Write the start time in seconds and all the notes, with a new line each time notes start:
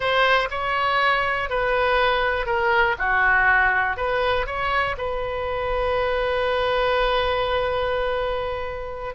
0.00 C5
0.50 C#5
1.49 B4
2.45 A#4
2.98 F#4
3.96 B4
4.46 C#5
4.97 B4